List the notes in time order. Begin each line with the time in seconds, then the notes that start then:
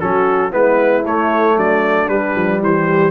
0.00 F#3 C#4 F#4 A4
0.50 G#3 B3 E4 B4
1.06 A3 C#5
1.57 F#3 D4 D5
2.08 G3 B4
2.36 F3
2.61 E3 G4 C5